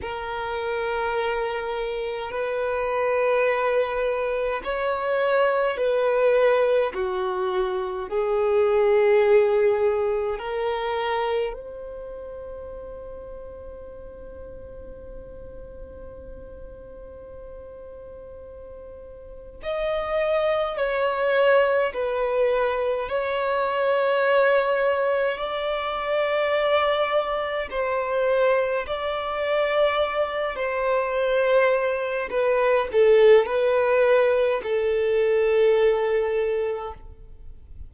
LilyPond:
\new Staff \with { instrumentName = "violin" } { \time 4/4 \tempo 4 = 52 ais'2 b'2 | cis''4 b'4 fis'4 gis'4~ | gis'4 ais'4 c''2~ | c''1~ |
c''4 dis''4 cis''4 b'4 | cis''2 d''2 | c''4 d''4. c''4. | b'8 a'8 b'4 a'2 | }